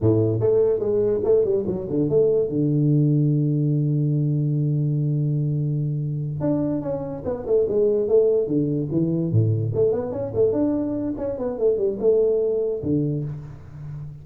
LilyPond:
\new Staff \with { instrumentName = "tuba" } { \time 4/4 \tempo 4 = 145 a,4 a4 gis4 a8 g8 | fis8 d8 a4 d2~ | d1~ | d2.~ d8 d'8~ |
d'8 cis'4 b8 a8 gis4 a8~ | a8 d4 e4 a,4 a8 | b8 cis'8 a8 d'4. cis'8 b8 | a8 g8 a2 d4 | }